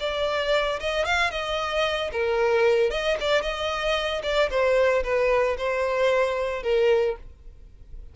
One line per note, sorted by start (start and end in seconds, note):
0.00 0.80 D5
0.80 1.05 D#5
1.05 1.31 F5
1.31 2.10 D#5
2.12 2.90 A#4
2.90 3.17 D#5
3.20 3.42 D5
3.42 4.22 D#5
4.23 4.49 D5
4.50 5.03 C5
5.03 5.57 B4
5.57 6.63 C5
6.63 7.16 A#4